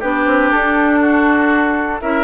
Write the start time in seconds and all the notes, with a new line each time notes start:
0.00 B3 D4 G4 B4
0.26 C4
0.52 D4 A4
1.00 F#4
2.02 C#4 E4 A#4 E5